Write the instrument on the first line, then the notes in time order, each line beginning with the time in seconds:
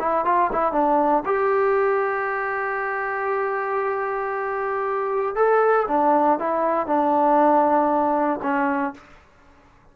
trombone
0.00 E4
0.26 F4
0.53 E4
0.73 D4
1.26 G4
5.36 A4
5.88 D4
6.40 E4
6.87 D4
8.43 C#4